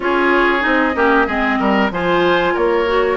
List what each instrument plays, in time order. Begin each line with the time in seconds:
0.00 bassoon C#4, clarinet F4, oboe G#4, flute C#5
0.60 bassoon C4, clarinet D#4, flute D#5
0.94 bassoon A#3, clarinet C#4, oboe G4
1.26 bassoon G#3, clarinet C4, oboe G#4
1.59 bassoon G3, oboe A#4
1.90 bassoon F3, clarinet F4, oboe C5, flute G#5
2.53 bassoon A#3, oboe A#4, flute C#5
2.86 clarinet F#4